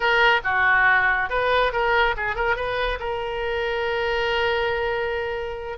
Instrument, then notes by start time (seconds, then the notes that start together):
oboe
0.00 A#4
0.44 F#4
1.29 B4
1.72 A#4
2.16 G#4
2.35 A#4
2.55 B4
2.99 A#4